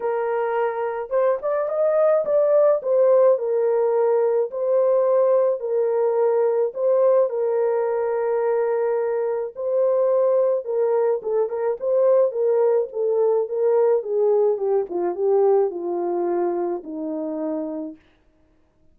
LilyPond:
\new Staff \with { instrumentName = "horn" } { \time 4/4 \tempo 4 = 107 ais'2 c''8 d''8 dis''4 | d''4 c''4 ais'2 | c''2 ais'2 | c''4 ais'2.~ |
ais'4 c''2 ais'4 | a'8 ais'8 c''4 ais'4 a'4 | ais'4 gis'4 g'8 f'8 g'4 | f'2 dis'2 | }